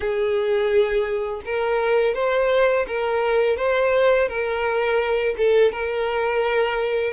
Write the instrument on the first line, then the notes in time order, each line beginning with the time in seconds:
violin
0.00 G#4
1.45 A#4
2.14 C5
2.87 A#4
3.56 C5
4.28 A#4
5.37 A4
5.71 A#4